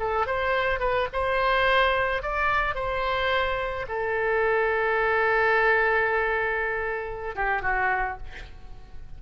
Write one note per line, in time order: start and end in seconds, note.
0.00 0.27 A4
0.27 0.80 C5
0.80 1.08 B4
1.13 2.22 C5
2.22 2.75 D5
2.75 3.86 C5
3.89 7.35 A4
7.35 7.62 G4
7.62 8.18 F#4